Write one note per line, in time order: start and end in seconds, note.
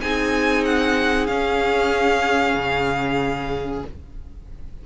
0.00 1.28 C4
0.00 1.28 D#4
0.00 3.86 G#4
0.00 0.64 G#5
0.64 1.26 F#5
1.26 2.54 C#4
1.26 3.84 C#4
1.26 3.82 F5
2.54 3.82 C#3